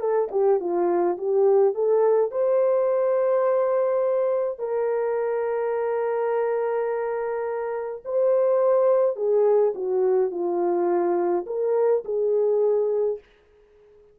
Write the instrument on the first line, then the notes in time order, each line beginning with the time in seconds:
horn
0.00 A4
0.31 G4
0.60 F4
1.17 G4
1.74 A4
2.31 C5
4.59 A#4
8.05 C5
9.16 G#4
9.75 F#4
10.31 F4
11.46 A#4
12.05 G#4